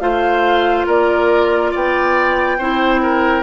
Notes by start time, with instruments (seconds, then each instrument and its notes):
0.00 bassoon A3, clarinet F4, oboe C5, flute F5
0.86 bassoon A#3, oboe A#4, flute D5
1.71 bassoon B3, oboe D5, flute G5
2.58 bassoon C4, clarinet E4, oboe C5
3.02 oboe A#4